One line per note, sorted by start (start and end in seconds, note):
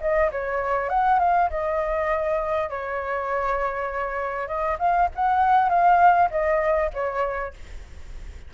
0.00 0.30 D#5
0.31 0.89 C#5
0.89 1.19 F#5
1.19 1.49 F5
1.49 2.69 D#5
2.69 4.47 C#5
4.47 4.77 D#5
4.78 5.08 F5
5.15 5.69 F#5
5.69 6.29 F5
6.30 6.90 D#5
6.93 7.53 C#5